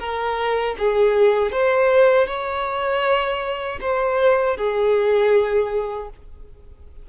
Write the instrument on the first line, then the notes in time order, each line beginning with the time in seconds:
violin
0.00 A#4
0.79 G#4
1.53 C5
2.28 C#5
3.81 C5
4.58 G#4